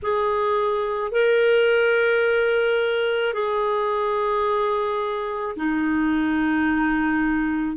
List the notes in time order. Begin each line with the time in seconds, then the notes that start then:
0.02 G#4
1.11 A#4
3.33 G#4
5.56 D#4